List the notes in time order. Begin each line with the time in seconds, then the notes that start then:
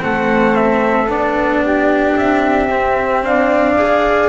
0.00 A3 C4 A4 F#5
0.55 E5
1.07 B3 D4 D5
1.64 G4
2.16 C4 E5
2.69 C4
3.23 D4 D5 F5
3.77 G#4